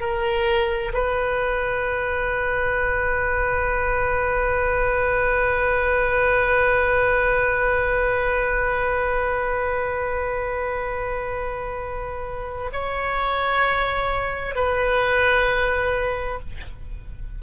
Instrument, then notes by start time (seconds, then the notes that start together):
oboe
0.00 A#4
0.93 B4
12.73 C#5
14.55 B4